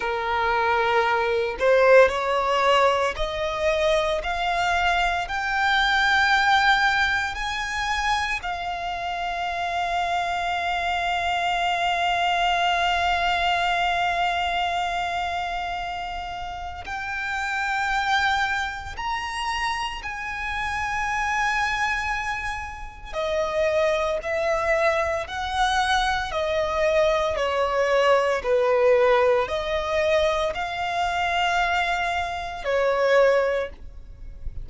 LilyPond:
\new Staff \with { instrumentName = "violin" } { \time 4/4 \tempo 4 = 57 ais'4. c''8 cis''4 dis''4 | f''4 g''2 gis''4 | f''1~ | f''1 |
g''2 ais''4 gis''4~ | gis''2 dis''4 e''4 | fis''4 dis''4 cis''4 b'4 | dis''4 f''2 cis''4 | }